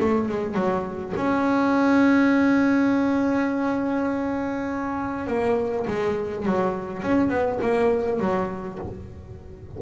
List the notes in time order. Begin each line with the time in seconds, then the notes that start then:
0.00 A3
0.29 G#3
0.55 F#3
1.16 C#4
5.27 A#3
5.87 G#3
6.45 F#3
7.03 C#4
7.29 B3
7.62 A#3
8.20 F#3